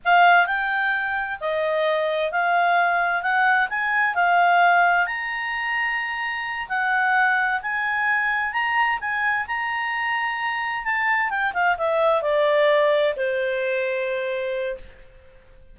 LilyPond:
\new Staff \with { instrumentName = "clarinet" } { \time 4/4 \tempo 4 = 130 f''4 g''2 dis''4~ | dis''4 f''2 fis''4 | gis''4 f''2 ais''4~ | ais''2~ ais''8 fis''4.~ |
fis''8 gis''2 ais''4 gis''8~ | gis''8 ais''2. a''8~ | a''8 g''8 f''8 e''4 d''4.~ | d''8 c''2.~ c''8 | }